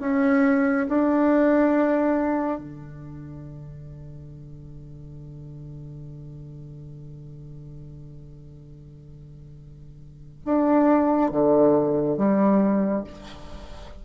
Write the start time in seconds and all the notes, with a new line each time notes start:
0.00 C#4
0.88 D4
2.58 D3
10.45 D4
11.31 D3
12.17 G3